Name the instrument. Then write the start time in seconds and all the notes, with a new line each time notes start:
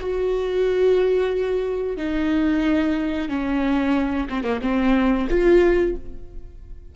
viola
0.00 F#4
1.97 D#4
3.29 C#4
4.29 C4
4.44 A#3
4.62 C4
5.30 F4